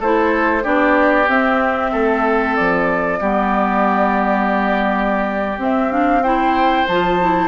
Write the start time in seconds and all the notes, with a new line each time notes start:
0.00 A3 E4 A4 C5
0.63 B3 D4 G4 D5
1.28 C4 E5
1.92 A3 A4
2.56 F3 D5
3.20 G3 B3 G4
5.58 C4 E5
5.90 D4 F5
6.23 E4 C5 G5
6.87 F3 F4 A5
7.21 E4